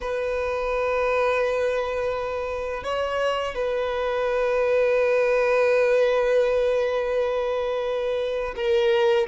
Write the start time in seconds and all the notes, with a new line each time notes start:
0.00 B4
2.83 C#5
3.54 B4
8.56 A#4